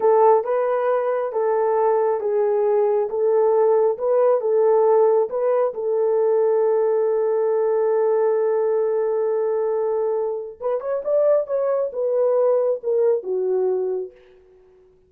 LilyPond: \new Staff \with { instrumentName = "horn" } { \time 4/4 \tempo 4 = 136 a'4 b'2 a'4~ | a'4 gis'2 a'4~ | a'4 b'4 a'2 | b'4 a'2.~ |
a'1~ | a'1 | b'8 cis''8 d''4 cis''4 b'4~ | b'4 ais'4 fis'2 | }